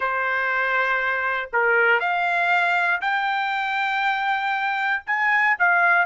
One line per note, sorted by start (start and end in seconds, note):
0.00 1.50 C5
1.52 2.00 A#4
2.00 3.00 F5
3.01 5.03 G5
5.06 5.56 G#5
5.59 6.05 F5